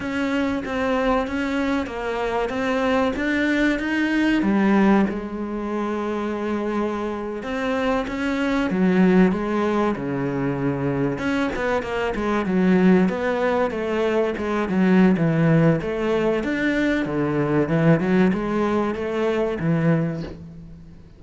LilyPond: \new Staff \with { instrumentName = "cello" } { \time 4/4 \tempo 4 = 95 cis'4 c'4 cis'4 ais4 | c'4 d'4 dis'4 g4 | gis2.~ gis8. c'16~ | c'8. cis'4 fis4 gis4 cis16~ |
cis4.~ cis16 cis'8 b8 ais8 gis8 fis16~ | fis8. b4 a4 gis8 fis8. | e4 a4 d'4 d4 | e8 fis8 gis4 a4 e4 | }